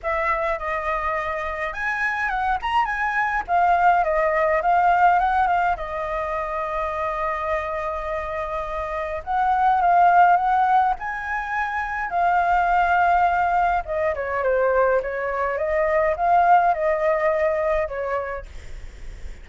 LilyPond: \new Staff \with { instrumentName = "flute" } { \time 4/4 \tempo 4 = 104 e''4 dis''2 gis''4 | fis''8 ais''8 gis''4 f''4 dis''4 | f''4 fis''8 f''8 dis''2~ | dis''1 |
fis''4 f''4 fis''4 gis''4~ | gis''4 f''2. | dis''8 cis''8 c''4 cis''4 dis''4 | f''4 dis''2 cis''4 | }